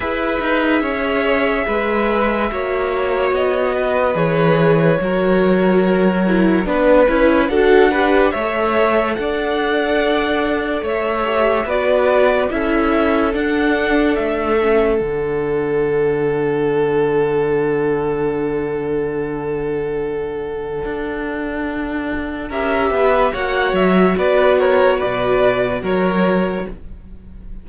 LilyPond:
<<
  \new Staff \with { instrumentName = "violin" } { \time 4/4 \tempo 4 = 72 e''1 | dis''4 cis''2. | b'4 fis''4 e''4 fis''4~ | fis''4 e''4 d''4 e''4 |
fis''4 e''4 fis''2~ | fis''1~ | fis''2. e''4 | fis''8 e''8 d''8 cis''8 d''4 cis''4 | }
  \new Staff \with { instrumentName = "violin" } { \time 4/4 b'4 cis''4 b'4 cis''4~ | cis''8 b'4. ais'2 | b'4 a'8 b'8 cis''4 d''4~ | d''4 cis''4 b'4 a'4~ |
a'1~ | a'1~ | a'2. ais'8 b'8 | cis''4 b'8 ais'8 b'4 ais'4 | }
  \new Staff \with { instrumentName = "viola" } { \time 4/4 gis'2. fis'4~ | fis'4 gis'4 fis'4. e'8 | d'8 e'8 fis'8 g'8 a'2~ | a'4. g'8 fis'4 e'4 |
d'4. cis'8 d'2~ | d'1~ | d'2. g'4 | fis'1 | }
  \new Staff \with { instrumentName = "cello" } { \time 4/4 e'8 dis'8 cis'4 gis4 ais4 | b4 e4 fis2 | b8 cis'8 d'4 a4 d'4~ | d'4 a4 b4 cis'4 |
d'4 a4 d2~ | d1~ | d4 d'2 cis'8 b8 | ais8 fis8 b4 b,4 fis4 | }
>>